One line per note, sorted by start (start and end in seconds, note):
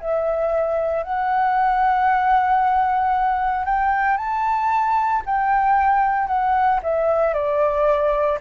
0.00 1.03 E5
1.03 3.65 F#5
3.65 4.17 G5
4.17 5.22 A5
5.25 6.27 G5
6.27 6.79 F#5
6.82 7.33 E5
7.33 8.39 D5